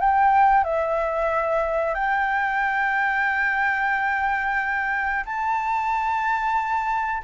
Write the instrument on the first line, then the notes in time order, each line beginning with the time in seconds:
flute
0.00 G5
0.64 E5
1.95 G5
5.25 A5